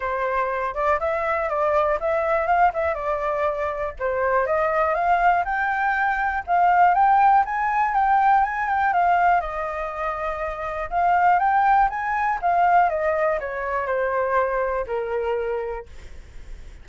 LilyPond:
\new Staff \with { instrumentName = "flute" } { \time 4/4 \tempo 4 = 121 c''4. d''8 e''4 d''4 | e''4 f''8 e''8 d''2 | c''4 dis''4 f''4 g''4~ | g''4 f''4 g''4 gis''4 |
g''4 gis''8 g''8 f''4 dis''4~ | dis''2 f''4 g''4 | gis''4 f''4 dis''4 cis''4 | c''2 ais'2 | }